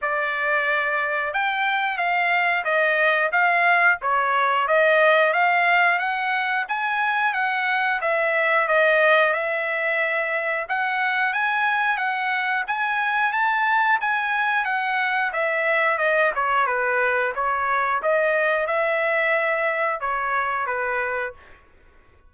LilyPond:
\new Staff \with { instrumentName = "trumpet" } { \time 4/4 \tempo 4 = 90 d''2 g''4 f''4 | dis''4 f''4 cis''4 dis''4 | f''4 fis''4 gis''4 fis''4 | e''4 dis''4 e''2 |
fis''4 gis''4 fis''4 gis''4 | a''4 gis''4 fis''4 e''4 | dis''8 cis''8 b'4 cis''4 dis''4 | e''2 cis''4 b'4 | }